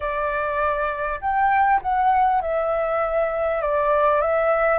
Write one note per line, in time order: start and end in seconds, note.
0.00 1.20 D5
1.20 1.80 G5
1.82 2.41 F#5
2.41 3.61 E5
3.61 4.21 D5
4.21 4.78 E5